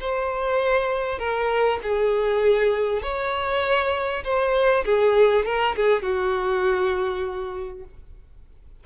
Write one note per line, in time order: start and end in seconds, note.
0.00 1.18 C5
1.18 1.79 A#4
1.83 3.02 G#4
3.02 4.24 C#5
4.24 4.84 C5
4.85 5.45 G#4
5.45 5.75 A#4
5.76 6.02 G#4
6.02 7.84 F#4